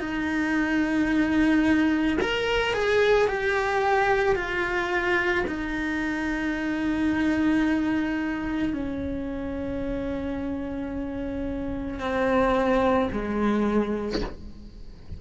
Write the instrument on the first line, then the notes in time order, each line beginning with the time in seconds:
cello
0.00 D#4
2.22 A#4
2.74 G#4
3.28 G4
4.36 F4
5.47 D#4
8.74 C#4
12.00 C4
13.13 G#3